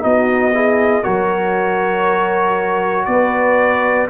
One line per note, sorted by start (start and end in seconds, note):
0.00 1.05 B3
0.00 0.51 D#4
0.00 0.54 F#4
0.00 1.03 D#5
0.54 1.03 E4
0.54 1.03 G#4
1.03 3.07 F#3
1.03 4.08 F#4
1.03 3.06 A#4
1.03 3.05 C#5
3.05 4.08 B3
3.05 4.10 B4
3.05 4.07 D5